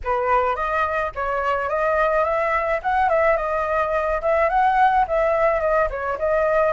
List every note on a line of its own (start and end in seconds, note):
0.04 0.55 B4
0.55 1.11 D#5
1.15 1.69 C#5
1.69 2.24 D#5
2.24 2.80 E5
2.82 3.09 F#5
3.09 3.36 E5
3.36 4.21 D#5
4.21 4.49 E5
4.49 5.05 F#5
5.07 5.60 E5
5.60 5.88 D#5
5.90 6.18 C#5
6.19 6.72 D#5